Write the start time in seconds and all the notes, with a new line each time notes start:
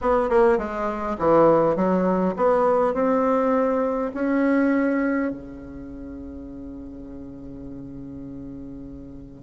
0.01 B3
0.29 A#3
0.58 G#3
1.18 E3
1.75 F#3
2.36 B3
2.94 C4
4.14 C#4
5.31 C#3